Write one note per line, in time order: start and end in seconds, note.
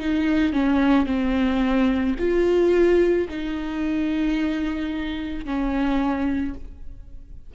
0.00 0.53 D#4
0.53 1.06 C#4
1.06 2.15 C4
2.19 3.28 F4
3.29 5.45 D#4
5.45 6.55 C#4